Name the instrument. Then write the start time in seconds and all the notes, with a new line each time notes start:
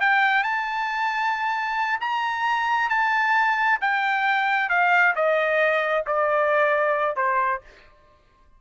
trumpet
0.00 G5
0.43 A5
2.00 A#5
2.89 A5
3.81 G5
4.69 F5
5.15 D#5
6.06 D5
7.16 C5